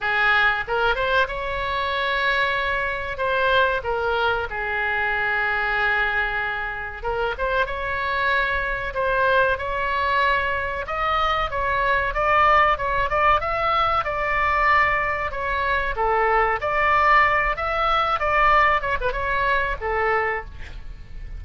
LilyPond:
\new Staff \with { instrumentName = "oboe" } { \time 4/4 \tempo 4 = 94 gis'4 ais'8 c''8 cis''2~ | cis''4 c''4 ais'4 gis'4~ | gis'2. ais'8 c''8 | cis''2 c''4 cis''4~ |
cis''4 dis''4 cis''4 d''4 | cis''8 d''8 e''4 d''2 | cis''4 a'4 d''4. e''8~ | e''8 d''4 cis''16 b'16 cis''4 a'4 | }